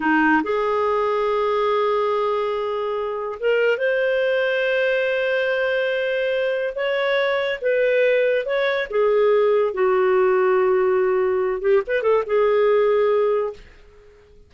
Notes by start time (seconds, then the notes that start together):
0.00 D#4
0.43 G#4
3.39 A#4
3.77 C5
6.75 C#5
7.61 B4
8.45 C#5
8.89 G#4
9.73 F#4
11.61 G4
11.86 B4
12.02 A4
12.26 G#4